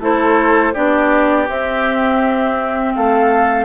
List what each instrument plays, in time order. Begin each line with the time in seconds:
0.00 bassoon A3, clarinet E4, oboe A4, flute C5
0.74 bassoon B3, clarinet D4, oboe G4, flute D5
1.49 bassoon C4, clarinet C4, flute E5
2.95 bassoon A3, oboe A4, flute F5